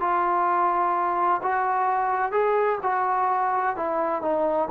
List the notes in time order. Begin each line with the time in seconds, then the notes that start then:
0.00 F4
1.42 F#4
2.31 G#4
2.82 F#4
3.76 E4
4.21 D#4